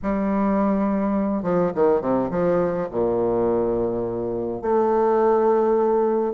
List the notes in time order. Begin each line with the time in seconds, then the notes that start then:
0.02 G3
1.43 F3
1.74 D#3
2.01 C3
2.30 F3
2.91 A#2
4.61 A3